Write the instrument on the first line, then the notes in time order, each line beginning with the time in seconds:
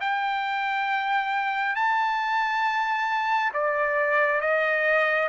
trumpet
0.00 G5
1.75 A5
3.53 D5
4.40 D#5